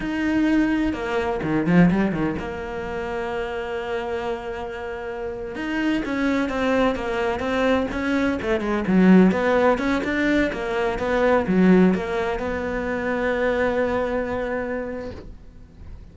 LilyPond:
\new Staff \with { instrumentName = "cello" } { \time 4/4 \tempo 4 = 127 dis'2 ais4 dis8 f8 | g8 dis8 ais2.~ | ais2.~ ais8. dis'16~ | dis'8. cis'4 c'4 ais4 c'16~ |
c'8. cis'4 a8 gis8 fis4 b16~ | b8. cis'8 d'4 ais4 b8.~ | b16 fis4 ais4 b4.~ b16~ | b1 | }